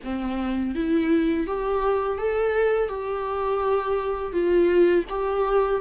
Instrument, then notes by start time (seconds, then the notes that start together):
viola
0.03 C4
0.74 E4
1.46 G4
2.18 A4
2.88 G4
4.32 F4
5.09 G4